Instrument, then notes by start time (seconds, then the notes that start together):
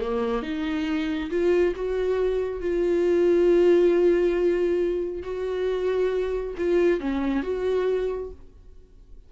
viola
0.00 A#3
0.42 D#4
1.30 F4
1.75 F#4
2.61 F4
5.23 F#4
6.57 F4
7.00 C#4
7.43 F#4